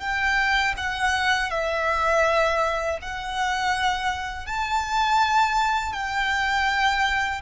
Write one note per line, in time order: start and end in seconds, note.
0.00 0.74 G5
0.77 1.51 F#5
1.51 2.99 E5
3.02 4.46 F#5
4.46 5.93 A5
5.93 7.41 G5